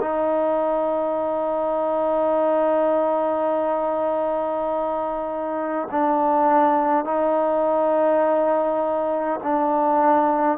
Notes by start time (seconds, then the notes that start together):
0.00 D#4
5.91 D4
7.05 D#4
9.43 D4